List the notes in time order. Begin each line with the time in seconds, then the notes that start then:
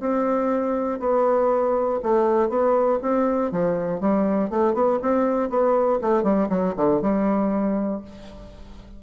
0.00 C4
1.00 B3
2.03 A3
2.49 B3
3.02 C4
3.52 F3
4.00 G3
4.50 A3
4.74 B3
5.02 C4
5.50 B3
6.02 A3
6.23 G3
6.49 F#3
6.77 D3
7.02 G3